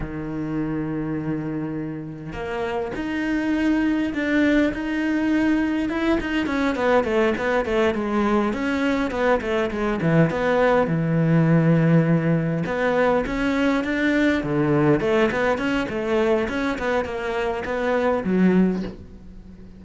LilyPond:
\new Staff \with { instrumentName = "cello" } { \time 4/4 \tempo 4 = 102 dis1 | ais4 dis'2 d'4 | dis'2 e'8 dis'8 cis'8 b8 | a8 b8 a8 gis4 cis'4 b8 |
a8 gis8 e8 b4 e4.~ | e4. b4 cis'4 d'8~ | d'8 d4 a8 b8 cis'8 a4 | cis'8 b8 ais4 b4 fis4 | }